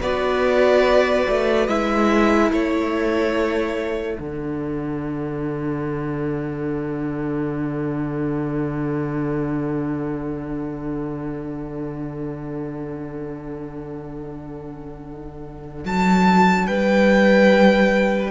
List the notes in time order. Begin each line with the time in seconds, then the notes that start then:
0.00 B3 F#4 B4 D5
1.29 A3
1.68 G#3 E4 E5
2.49 A3 A4 C#5
4.17 D3 D4 F#5
15.85 F#3 A5
16.67 G3 B4 G5